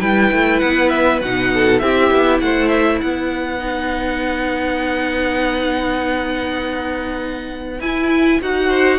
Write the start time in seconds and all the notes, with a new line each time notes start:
0.00 G3 E4 B4 G5
0.32 A3
0.59 B3 F#5
0.89 E5
1.21 B2 D#4 F#5
1.54 A4
1.79 C4 E4 G4 E5
2.11 B3
2.41 A3 C5 F#5
2.69 E5
3.01 B3 B4 F#5
3.59 D#4
7.80 E4 G#5
8.42 D#4 F#4 F#5
8.69 C5